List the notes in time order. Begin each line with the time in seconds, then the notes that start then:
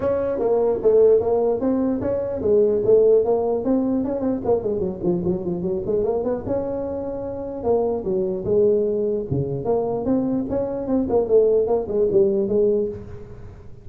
0.00 C#4
0.39 A#3
0.82 A3
1.20 A#3
1.60 C4
2.01 C#4
2.41 G#3
2.84 A3
3.24 A#3
3.64 C4
4.04 C#4
4.20 C4
4.44 A#3
4.63 G#3
4.79 F#3
5.03 F3
5.24 F#3
5.44 F3
5.61 F#3
5.86 G#3
6.03 A#3
6.23 B3
6.46 C#4
7.63 A#3
8.04 F#3
8.44 G#3
9.30 C#3
9.65 A#3
10.05 C4
10.49 C#4
10.87 C4
11.09 A#3
11.28 A3
11.67 A#3
11.87 G#3
12.11 G3
12.48 G#3